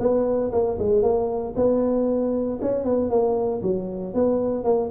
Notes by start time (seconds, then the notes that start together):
0.00 B3
0.52 A#3
0.79 G#3
1.03 A#3
1.57 B3
2.62 C#4
2.85 B3
3.10 A#3
3.63 F#3
4.14 B3
4.64 A#3